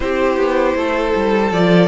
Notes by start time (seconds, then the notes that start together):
0.00 C4 E4 G4 C5
0.36 B3
0.75 A3 A4
1.15 G3
1.51 F3 F4 D5